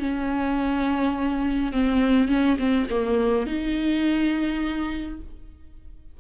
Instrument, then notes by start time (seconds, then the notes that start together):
viola
0.00 C#4
1.73 C4
2.29 C#4
2.59 C4
2.90 A#3
3.47 D#4